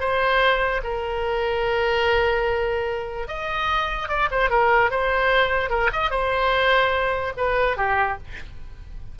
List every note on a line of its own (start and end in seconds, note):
0.00 0.82 C5
0.84 3.28 A#4
3.28 4.09 D#5
4.09 4.29 D5
4.31 4.50 C5
4.50 4.91 A#4
4.91 5.70 C5
5.70 5.91 A#4
5.93 6.11 D#5
6.11 7.33 C5
7.37 7.77 B4
7.77 8.18 G4